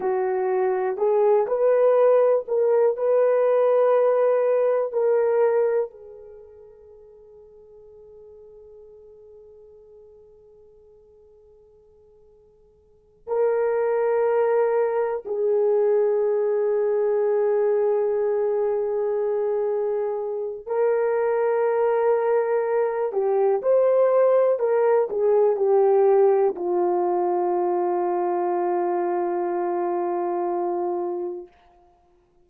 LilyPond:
\new Staff \with { instrumentName = "horn" } { \time 4/4 \tempo 4 = 61 fis'4 gis'8 b'4 ais'8 b'4~ | b'4 ais'4 gis'2~ | gis'1~ | gis'4. ais'2 gis'8~ |
gis'1~ | gis'4 ais'2~ ais'8 g'8 | c''4 ais'8 gis'8 g'4 f'4~ | f'1 | }